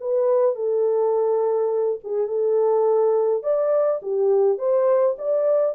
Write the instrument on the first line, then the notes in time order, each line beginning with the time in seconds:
horn
0.00 B4
0.55 A4
2.04 G#4
2.27 A4
3.43 D5
4.02 G4
4.58 C5
5.18 D5